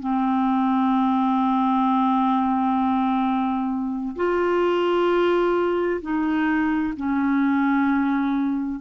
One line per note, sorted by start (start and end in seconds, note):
0.00 4.15 C4
4.16 6.01 F4
6.02 6.94 D#4
6.97 8.81 C#4